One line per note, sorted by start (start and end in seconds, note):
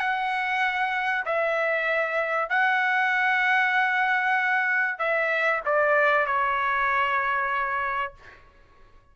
0.00 1.25 F#5
1.26 2.50 E5
2.50 4.99 F#5
4.99 5.62 E5
5.66 6.27 D5
6.27 8.14 C#5